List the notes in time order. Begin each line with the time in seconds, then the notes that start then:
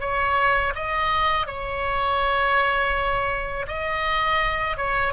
0.00 C#5
0.75 D#5
1.47 C#5
3.68 D#5
4.77 C#5